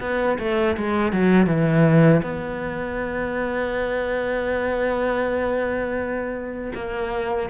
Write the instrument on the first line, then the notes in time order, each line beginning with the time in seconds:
cello
0.00 B3
0.39 A3
0.76 G#3
1.12 F#3
1.46 E3
2.22 B3
6.74 A#3